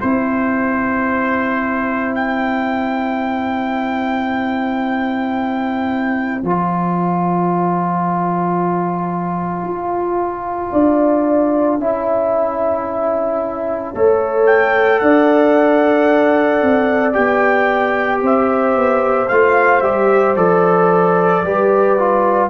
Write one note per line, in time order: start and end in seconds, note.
0.00 6.43 C4
0.00 6.43 E4
0.00 2.14 C5
0.00 10.72 C5
2.15 6.42 G5
6.42 9.63 F3
6.42 11.80 F4
6.42 14.45 A5
9.63 10.70 F4
10.72 11.78 D4
10.72 11.79 D5
11.78 13.93 C#4
11.78 13.94 E4
11.78 13.95 E5
13.94 15.01 A3
13.94 17.13 A4
13.94 15.02 C#5
14.46 14.99 G5
14.99 16.62 D4
14.99 18.22 D5
14.99 17.13 F#5
16.62 17.15 C4
17.13 18.22 B3
17.13 19.27 G4
17.13 18.21 G5
18.22 18.75 C4
18.22 21.44 C5
18.22 19.28 E5
18.75 19.29 B3
19.28 19.82 A3
19.28 19.83 F4
19.28 19.81 F5
19.81 20.36 G3
19.81 20.36 G4
19.81 20.35 E5
20.36 21.43 F3
20.36 21.44 A4
20.36 22.50 D5
21.43 22.50 G3
21.43 21.98 G4
21.43 22.50 B4
21.98 22.50 F4